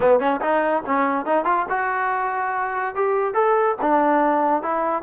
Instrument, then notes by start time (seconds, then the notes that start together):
trombone
0.00 B3
0.19 C#4
0.41 D#4
0.85 C#4
1.25 D#4
1.45 F4
1.69 F#4
2.95 G4
3.34 A4
3.81 D4
4.62 E4